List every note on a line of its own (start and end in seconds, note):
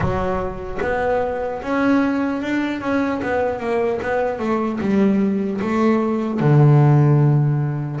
0.00 0.79 F#3
0.81 1.61 B3
1.62 2.41 C#4
2.41 2.80 D4
2.80 3.20 C#4
3.22 3.59 B3
3.59 3.99 A#3
4.01 4.39 B3
4.39 4.79 A3
4.80 5.60 G3
5.61 6.40 A3
6.40 8.00 D3